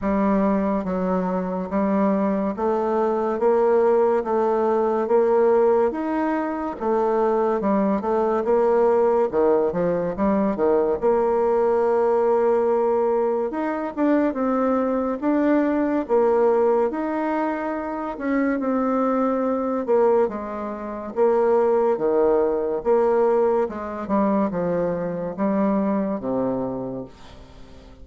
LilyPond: \new Staff \with { instrumentName = "bassoon" } { \time 4/4 \tempo 4 = 71 g4 fis4 g4 a4 | ais4 a4 ais4 dis'4 | a4 g8 a8 ais4 dis8 f8 | g8 dis8 ais2. |
dis'8 d'8 c'4 d'4 ais4 | dis'4. cis'8 c'4. ais8 | gis4 ais4 dis4 ais4 | gis8 g8 f4 g4 c4 | }